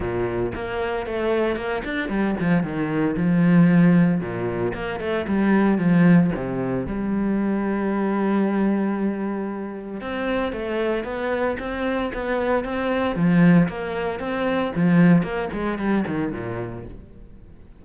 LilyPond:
\new Staff \with { instrumentName = "cello" } { \time 4/4 \tempo 4 = 114 ais,4 ais4 a4 ais8 d'8 | g8 f8 dis4 f2 | ais,4 ais8 a8 g4 f4 | c4 g2.~ |
g2. c'4 | a4 b4 c'4 b4 | c'4 f4 ais4 c'4 | f4 ais8 gis8 g8 dis8 ais,4 | }